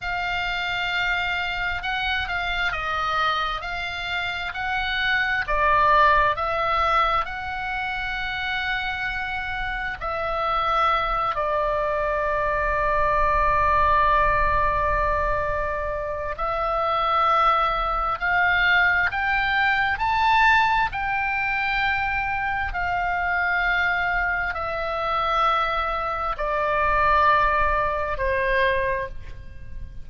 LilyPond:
\new Staff \with { instrumentName = "oboe" } { \time 4/4 \tempo 4 = 66 f''2 fis''8 f''8 dis''4 | f''4 fis''4 d''4 e''4 | fis''2. e''4~ | e''8 d''2.~ d''8~ |
d''2 e''2 | f''4 g''4 a''4 g''4~ | g''4 f''2 e''4~ | e''4 d''2 c''4 | }